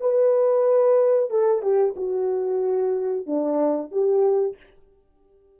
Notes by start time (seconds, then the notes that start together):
0.00 B4
1.30 A4
1.62 G4
1.96 F#4
3.26 D4
3.91 G4